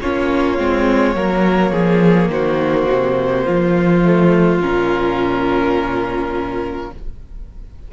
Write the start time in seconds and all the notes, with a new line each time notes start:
0.00 A#3 C#4 F4 C#5
0.57 G#3 C4
1.14 F#3 A#3 A#4
1.71 F3 G#4
2.28 D#3 F#4 C5
2.91 C3
3.44 F3 F4
4.03 A3
4.60 A#2 C#4 A#4